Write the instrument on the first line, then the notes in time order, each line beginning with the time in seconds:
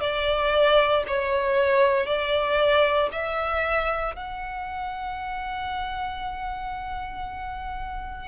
violin
0.00 D5
1.07 C#5
2.05 D5
3.11 E5
4.15 F#5